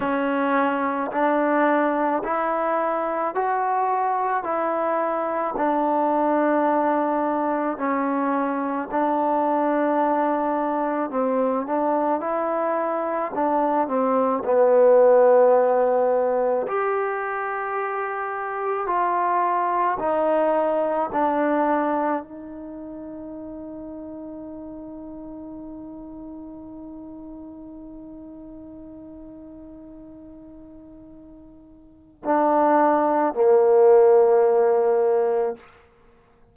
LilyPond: \new Staff \with { instrumentName = "trombone" } { \time 4/4 \tempo 4 = 54 cis'4 d'4 e'4 fis'4 | e'4 d'2 cis'4 | d'2 c'8 d'8 e'4 | d'8 c'8 b2 g'4~ |
g'4 f'4 dis'4 d'4 | dis'1~ | dis'1~ | dis'4 d'4 ais2 | }